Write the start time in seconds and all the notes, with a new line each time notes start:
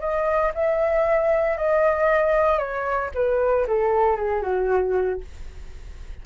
0.00 D#5
0.55 E5
1.57 D#5
2.58 C#5
3.14 B4
3.67 A4
4.16 G#4
4.42 F#4